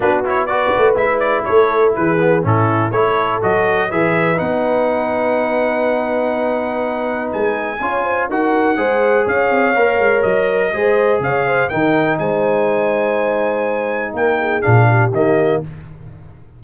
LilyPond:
<<
  \new Staff \with { instrumentName = "trumpet" } { \time 4/4 \tempo 4 = 123 b'8 cis''8 d''4 e''8 d''8 cis''4 | b'4 a'4 cis''4 dis''4 | e''4 fis''2.~ | fis''2. gis''4~ |
gis''4 fis''2 f''4~ | f''4 dis''2 f''4 | g''4 gis''2.~ | gis''4 g''4 f''4 dis''4 | }
  \new Staff \with { instrumentName = "horn" } { \time 4/4 fis'4 b'2 a'4 | gis'4 e'4 a'2 | b'1~ | b'1 |
cis''8 c''8 ais'4 c''4 cis''4~ | cis''2 c''4 cis''8 c''8 | ais'4 c''2.~ | c''4 ais'8 gis'4 g'4. | }
  \new Staff \with { instrumentName = "trombone" } { \time 4/4 d'8 e'8 fis'4 e'2~ | e'8 b8 cis'4 e'4 fis'4 | gis'4 dis'2.~ | dis'1 |
f'4 fis'4 gis'2 | ais'2 gis'2 | dis'1~ | dis'2 d'4 ais4 | }
  \new Staff \with { instrumentName = "tuba" } { \time 4/4 b4. a8 gis4 a4 | e4 a,4 a4 fis4 | e4 b2.~ | b2. gis4 |
cis'4 dis'4 gis4 cis'8 c'8 | ais8 gis8 fis4 gis4 cis4 | dis4 gis2.~ | gis4 ais4 ais,4 dis4 | }
>>